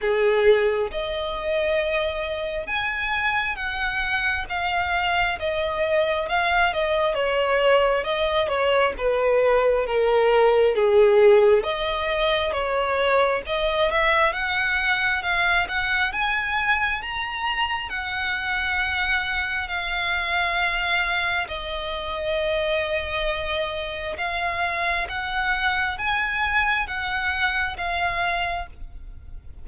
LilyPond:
\new Staff \with { instrumentName = "violin" } { \time 4/4 \tempo 4 = 67 gis'4 dis''2 gis''4 | fis''4 f''4 dis''4 f''8 dis''8 | cis''4 dis''8 cis''8 b'4 ais'4 | gis'4 dis''4 cis''4 dis''8 e''8 |
fis''4 f''8 fis''8 gis''4 ais''4 | fis''2 f''2 | dis''2. f''4 | fis''4 gis''4 fis''4 f''4 | }